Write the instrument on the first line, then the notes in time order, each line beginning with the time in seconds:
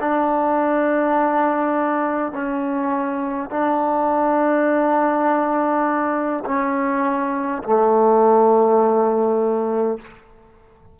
trombone
0.00 D4
2.32 C#4
3.50 D4
6.45 C#4
7.63 A3